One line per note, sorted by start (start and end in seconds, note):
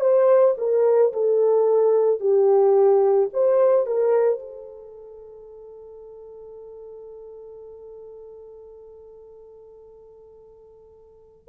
0.00 0.55 C5
0.58 1.12 A#4
1.13 2.20 A4
2.20 3.29 G4
3.33 3.86 C5
3.86 4.39 A#4
4.39 11.48 A4